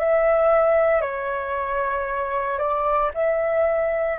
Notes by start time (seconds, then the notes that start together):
0.00 E5
1.01 C#5
2.59 D5
3.15 E5